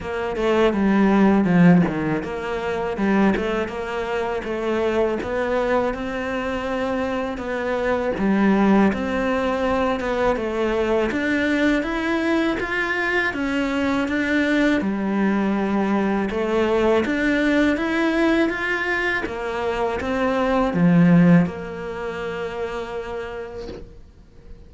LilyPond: \new Staff \with { instrumentName = "cello" } { \time 4/4 \tempo 4 = 81 ais8 a8 g4 f8 dis8 ais4 | g8 a8 ais4 a4 b4 | c'2 b4 g4 | c'4. b8 a4 d'4 |
e'4 f'4 cis'4 d'4 | g2 a4 d'4 | e'4 f'4 ais4 c'4 | f4 ais2. | }